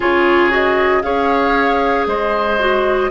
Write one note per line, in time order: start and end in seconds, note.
0.00 1.02 C#3
0.00 0.50 F4
0.00 1.02 G#4
0.00 0.52 C#5
0.50 1.02 F#4
0.50 1.02 D#5
1.02 2.06 C#4
1.02 2.57 G#4
1.02 2.08 C#5
1.02 2.06 F5
2.06 3.10 G#3
2.06 3.10 C5
2.06 3.10 D#5
2.59 3.10 F#4